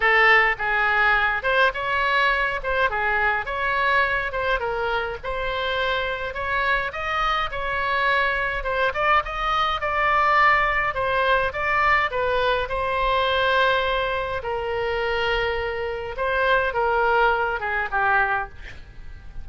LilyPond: \new Staff \with { instrumentName = "oboe" } { \time 4/4 \tempo 4 = 104 a'4 gis'4. c''8 cis''4~ | cis''8 c''8 gis'4 cis''4. c''8 | ais'4 c''2 cis''4 | dis''4 cis''2 c''8 d''8 |
dis''4 d''2 c''4 | d''4 b'4 c''2~ | c''4 ais'2. | c''4 ais'4. gis'8 g'4 | }